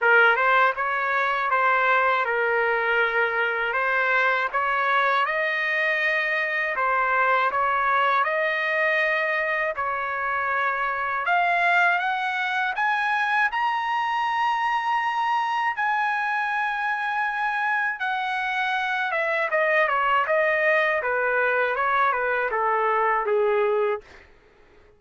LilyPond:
\new Staff \with { instrumentName = "trumpet" } { \time 4/4 \tempo 4 = 80 ais'8 c''8 cis''4 c''4 ais'4~ | ais'4 c''4 cis''4 dis''4~ | dis''4 c''4 cis''4 dis''4~ | dis''4 cis''2 f''4 |
fis''4 gis''4 ais''2~ | ais''4 gis''2. | fis''4. e''8 dis''8 cis''8 dis''4 | b'4 cis''8 b'8 a'4 gis'4 | }